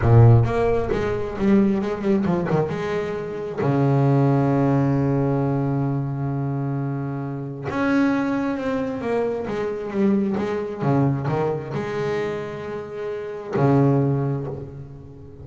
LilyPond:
\new Staff \with { instrumentName = "double bass" } { \time 4/4 \tempo 4 = 133 ais,4 ais4 gis4 g4 | gis8 g8 f8 dis8 gis2 | cis1~ | cis1~ |
cis4 cis'2 c'4 | ais4 gis4 g4 gis4 | cis4 dis4 gis2~ | gis2 cis2 | }